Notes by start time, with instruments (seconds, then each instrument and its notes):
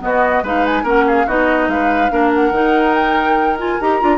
0.00 clarinet B3, bassoon B3, oboe F#4, flute D#5
0.43 bassoon G#3, clarinet D#4, oboe B4, flute F5
0.66 flute G#5
0.83 bassoon A#3, clarinet C#4, oboe A#4, flute F#5
1.07 oboe G#4, flute F5
1.26 bassoon B3, clarinet D#4, oboe F#4, flute D#5
1.67 bassoon G#3, oboe B4, flute F5
2.11 bassoon A#3, clarinet D4, oboe A#4
2.34 flute F#5
2.51 bassoon D#3, clarinet D#4
2.94 flute G5
3.58 clarinet F4, flute G#5
3.80 bassoon D#4, clarinet G4, flute A#5
4.01 bassoon D4, clarinet F4